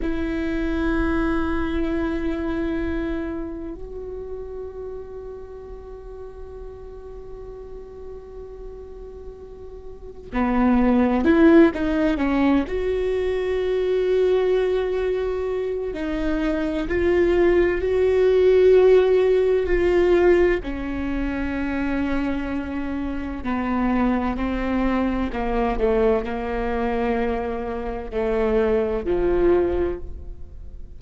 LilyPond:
\new Staff \with { instrumentName = "viola" } { \time 4/4 \tempo 4 = 64 e'1 | fis'1~ | fis'2. b4 | e'8 dis'8 cis'8 fis'2~ fis'8~ |
fis'4 dis'4 f'4 fis'4~ | fis'4 f'4 cis'2~ | cis'4 b4 c'4 ais8 a8 | ais2 a4 f4 | }